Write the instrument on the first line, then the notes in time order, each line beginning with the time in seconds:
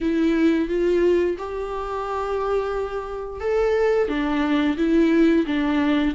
viola
0.01 E4
0.68 F4
1.38 G4
3.40 A4
4.08 D4
4.77 E4
5.46 D4